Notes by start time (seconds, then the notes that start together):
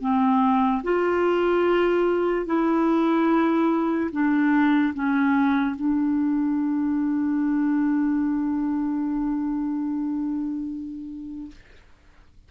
0.00 C4
0.83 F4
2.46 E4
4.11 D4
4.94 C#4
5.75 D4